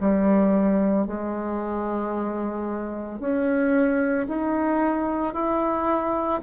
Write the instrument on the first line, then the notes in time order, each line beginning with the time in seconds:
bassoon
0.00 G3
1.07 G#3
3.20 C#4
4.28 D#4
5.34 E4